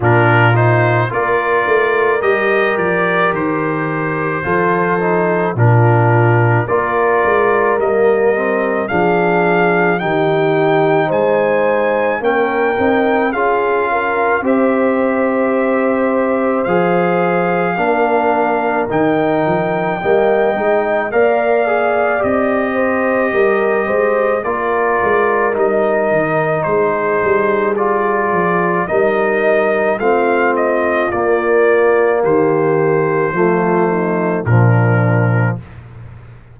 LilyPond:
<<
  \new Staff \with { instrumentName = "trumpet" } { \time 4/4 \tempo 4 = 54 ais'8 c''8 d''4 dis''8 d''8 c''4~ | c''4 ais'4 d''4 dis''4 | f''4 g''4 gis''4 g''4 | f''4 e''2 f''4~ |
f''4 g''2 f''4 | dis''2 d''4 dis''4 | c''4 d''4 dis''4 f''8 dis''8 | d''4 c''2 ais'4 | }
  \new Staff \with { instrumentName = "horn" } { \time 4/4 f'4 ais'2. | a'4 f'4 ais'2 | gis'4 g'4 c''4 ais'4 | gis'8 ais'8 c''2. |
ais'2 dis''4 d''4~ | d''8 c''8 ais'8 c''8 ais'2 | gis'2 ais'4 f'4~ | f'4 g'4 f'8 dis'8 d'4 | }
  \new Staff \with { instrumentName = "trombone" } { \time 4/4 d'8 dis'8 f'4 g'2 | f'8 dis'8 d'4 f'4 ais8 c'8 | d'4 dis'2 cis'8 dis'8 | f'4 g'2 gis'4 |
d'4 dis'4 ais8 dis'8 ais'8 gis'8 | g'2 f'4 dis'4~ | dis'4 f'4 dis'4 c'4 | ais2 a4 f4 | }
  \new Staff \with { instrumentName = "tuba" } { \time 4/4 ais,4 ais8 a8 g8 f8 dis4 | f4 ais,4 ais8 gis8 g4 | f4 dis4 gis4 ais8 c'8 | cis'4 c'2 f4 |
ais4 dis8 f8 g8 gis8 ais4 | c'4 g8 gis8 ais8 gis8 g8 dis8 | gis8 g4 f8 g4 a4 | ais4 dis4 f4 ais,4 | }
>>